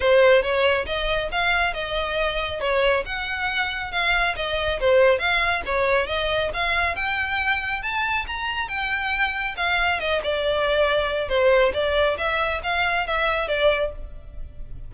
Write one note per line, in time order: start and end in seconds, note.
0.00 0.42 C5
0.42 0.85 C#5
0.86 1.29 D#5
1.31 1.73 F5
1.73 2.60 D#5
2.60 3.03 C#5
3.05 3.91 F#5
3.91 4.35 F5
4.36 4.79 D#5
4.80 5.18 C5
5.18 5.62 F5
5.65 6.07 C#5
6.07 6.50 D#5
6.53 6.95 F5
6.95 7.82 G5
7.82 8.25 A5
8.27 8.68 A#5
8.68 9.55 G5
9.56 9.99 F5
9.99 10.21 D#5
10.23 11.28 D5
11.28 11.72 C5
11.73 12.17 D5
12.17 12.61 E5
12.63 13.06 F5
13.07 13.48 E5
13.48 13.91 D5